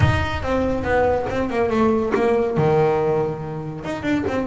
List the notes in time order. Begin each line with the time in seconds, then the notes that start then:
0.00 D#4
0.43 C4
0.83 B3
1.29 C4
1.49 A#3
1.70 A3
2.14 A#3
2.57 D#3
3.84 D#4
4.02 D4
4.27 C4